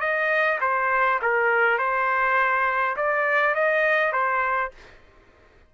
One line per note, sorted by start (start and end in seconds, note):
0.00 0.59 D#5
0.61 1.20 C5
1.22 1.78 A#4
1.78 2.96 C5
2.97 3.55 D5
3.55 4.12 D#5
4.12 4.71 C5